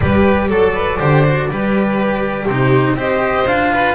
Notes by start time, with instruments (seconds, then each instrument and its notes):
0.00 double bass G3, cello G4, violin B4, flute D5
0.48 double bass F#3, violin A4, cello A4
0.73 violin B4
0.99 double bass D3, cello G4, violin C5
1.25 cello F#4
1.50 double bass G3, cello G4, violin B4
2.44 double bass C3, violin G4, flute C5
2.51 cello D#4
2.94 double bass C4, cello G4, violin C5, flute D#5
3.47 double bass D4, cello F4, flute F5
3.72 violin B4